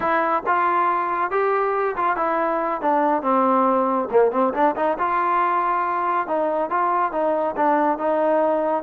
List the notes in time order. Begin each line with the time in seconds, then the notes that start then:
0.00 E4
0.46 F4
1.30 G4
1.96 F4
2.16 E4
2.81 D4
3.22 C4
4.10 A#3
4.31 C4
4.53 D4
4.75 D#4
4.98 F4
6.27 D#4
6.69 F4
7.12 D#4
7.56 D4
7.98 D#4